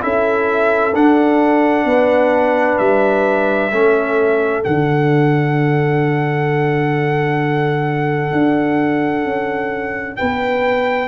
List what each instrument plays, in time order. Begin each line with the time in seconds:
0.00 tuba C#4, trombone E4, horn A4, trumpet E5
0.94 tuba D4, trombone D4, trumpet F#5
1.85 tuba B3, horn B4
2.78 tuba G3, trumpet E5
3.71 tuba A3, trombone C#4, horn A4
4.63 tuba D3, trombone D4, trumpet F#5
8.32 tuba D4
9.24 tuba C#4
10.16 tuba B3, horn B4, trumpet G5